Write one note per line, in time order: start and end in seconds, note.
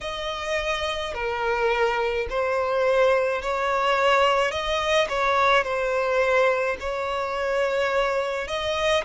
0.00 1.13 D#5
1.13 2.26 A#4
2.29 3.42 C5
3.42 4.51 C#5
4.51 5.07 D#5
5.08 5.63 C#5
5.63 6.76 C5
6.79 8.47 C#5
8.47 9.04 D#5